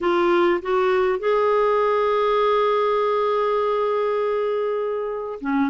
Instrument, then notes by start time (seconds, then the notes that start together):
clarinet
0.00 F4
0.62 F#4
1.19 G#4
5.41 C#4